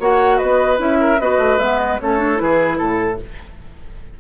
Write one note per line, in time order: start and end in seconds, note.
0.00 0.40 A#3
0.00 0.78 F#4
0.00 0.38 C#5
0.00 0.38 F#5
0.38 0.79 B3
0.38 0.98 B4
0.38 0.78 D#5
0.78 1.19 C#4
0.78 1.18 E4
0.78 1.21 E5
1.01 1.21 A#4
1.20 1.38 B3
1.20 1.60 F#4
1.20 2.01 B4
1.20 1.59 D#5
1.38 1.58 A3
1.59 1.99 G#3
1.59 2.00 B3
1.59 1.79 E5
1.79 1.99 D#5
2.00 2.41 A3
2.00 2.18 C#4
2.00 2.43 A4
2.00 2.39 C#5
2.18 2.36 D4
2.36 2.80 E3
2.36 3.16 E4
2.36 2.79 B4
2.43 2.78 G#4
2.78 3.20 A2
2.78 3.18 A4
2.78 3.19 A4